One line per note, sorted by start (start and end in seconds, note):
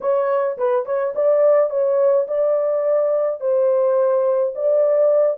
0.00 0.57 C#5
0.57 0.85 B4
0.85 1.13 C#5
1.15 1.70 D5
1.70 2.26 C#5
2.27 3.40 D5
3.40 4.53 C5
4.55 5.37 D5